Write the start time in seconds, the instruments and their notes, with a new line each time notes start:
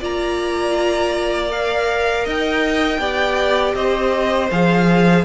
0.00 cello A#3, viola F4, violin D5 A#5
1.50 viola A#4, violin F5
2.25 cello D#4, violin D#5 G5
2.99 cello B3, viola G4, violin D5
3.75 cello C4, violin C5 D#5
4.51 cello F3, viola G#4, violin F5